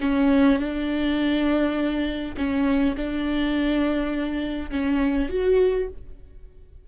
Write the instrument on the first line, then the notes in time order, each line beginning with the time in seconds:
viola
0.00 C#4
0.59 D4
2.37 C#4
2.96 D4
4.70 C#4
5.29 F#4